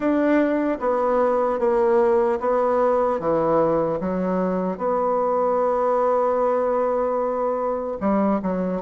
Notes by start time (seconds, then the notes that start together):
0.00 D4
0.80 B3
1.59 A#3
2.40 B3
3.19 E3
4.00 F#3
4.77 B3
8.00 G3
8.42 F#3